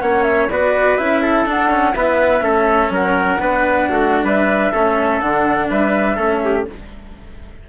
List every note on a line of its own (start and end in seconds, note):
0.00 0.49 A#3
0.00 0.48 C#4
0.00 0.50 C#5
0.00 0.23 F#5
0.23 0.47 E5
0.49 0.97 B3
0.49 0.98 F#4
0.49 1.22 B4
0.49 0.97 D5
0.97 1.45 C#4
0.97 1.46 E4
0.97 1.46 E5
1.22 1.95 A4
1.45 1.93 D4
1.45 1.70 D4
1.45 1.95 F#5
1.70 1.94 C#4
1.95 2.41 B3
1.95 2.42 E4
1.95 2.44 B4
1.95 2.91 E5
2.41 2.90 A3
2.41 3.38 C#4
2.41 2.92 A4
2.90 3.38 F#3
2.90 3.40 A#4
2.90 4.26 F#5
3.40 3.88 B3
3.40 4.73 D4
3.40 3.89 B4
3.89 4.23 A3
3.89 4.24 F#4
4.23 4.72 G3
4.23 4.71 B4
4.23 5.20 E5
4.71 5.22 A3
4.71 5.21 C#4
4.71 5.68 A4
5.20 5.70 D3
5.20 6.17 D4
5.20 5.69 F#5
5.70 6.17 G3
5.70 6.16 B4
5.70 6.67 E5
6.16 6.66 A3
6.16 6.66 C#4
6.16 6.40 A4
6.45 6.69 G4